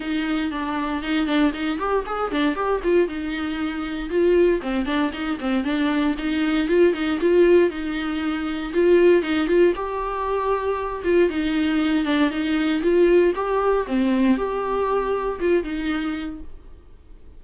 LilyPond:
\new Staff \with { instrumentName = "viola" } { \time 4/4 \tempo 4 = 117 dis'4 d'4 dis'8 d'8 dis'8 g'8 | gis'8 d'8 g'8 f'8 dis'2 | f'4 c'8 d'8 dis'8 c'8 d'4 | dis'4 f'8 dis'8 f'4 dis'4~ |
dis'4 f'4 dis'8 f'8 g'4~ | g'4. f'8 dis'4. d'8 | dis'4 f'4 g'4 c'4 | g'2 f'8 dis'4. | }